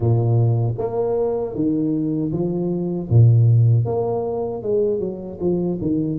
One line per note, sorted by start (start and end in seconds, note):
0.00 0.74 A#2
0.77 1.54 A#3
1.54 2.31 D#3
2.31 3.08 F3
3.09 3.85 A#2
3.85 4.62 A#3
4.62 4.99 G#3
4.99 5.38 F#3
5.40 5.78 F3
5.81 6.18 D#3